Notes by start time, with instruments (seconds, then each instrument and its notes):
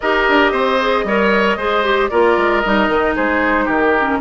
0.00 bassoon D#4, clarinet G4, oboe A#4, flute D#5
0.28 bassoon D4
0.51 bassoon C4, oboe C5
0.80 clarinet G#4
1.04 bassoon G3, clarinet A#4, oboe C#5
1.57 bassoon G#3, clarinet G#4, oboe C5
1.83 clarinet G4
2.09 bassoon A#3, clarinet F4, oboe A#4, flute D5
2.37 bassoon G#3
2.60 bassoon G3, clarinet D#4, flute D#5
2.88 bassoon D#3
3.15 bassoon G#3, oboe G#4, flute C5
3.64 bassoon D#3, oboe G4, flute A#4
4.00 clarinet C#4